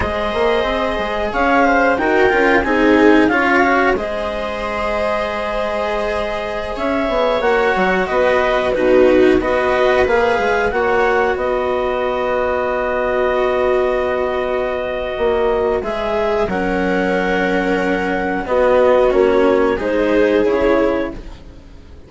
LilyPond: <<
  \new Staff \with { instrumentName = "clarinet" } { \time 4/4 \tempo 4 = 91 dis''2 f''4 g''4 | gis''4 f''4 dis''2~ | dis''2~ dis''16 e''4 fis''8.~ | fis''16 dis''4 b'4 dis''4 f''8.~ |
f''16 fis''4 dis''2~ dis''8.~ | dis''1 | e''4 fis''2. | dis''4 cis''4 c''4 cis''4 | }
  \new Staff \with { instrumentName = "viola" } { \time 4/4 c''2 cis''8 c''8 ais'4 | gis'4 cis''4 c''2~ | c''2~ c''16 cis''4.~ cis''16~ | cis''16 b'4 fis'4 b'4.~ b'16~ |
b'16 cis''4 b'2~ b'8.~ | b'1~ | b'4 ais'2. | fis'2 gis'2 | }
  \new Staff \with { instrumentName = "cello" } { \time 4/4 gis'2. fis'8 f'8 | dis'4 f'8 fis'8 gis'2~ | gis'2.~ gis'16 fis'8.~ | fis'4~ fis'16 dis'4 fis'4 gis'8.~ |
gis'16 fis'2.~ fis'8.~ | fis'1 | gis'4 cis'2. | b4 cis'4 dis'4 e'4 | }
  \new Staff \with { instrumentName = "bassoon" } { \time 4/4 gis8 ais8 c'8 gis8 cis'4 dis'8 cis'8 | c'4 cis'4 gis2~ | gis2~ gis16 cis'8 b8 ais8 fis16~ | fis16 b4 b,4 b4 ais8 gis16~ |
gis16 ais4 b2~ b8.~ | b2. ais4 | gis4 fis2. | b4 ais4 gis4 cis4 | }
>>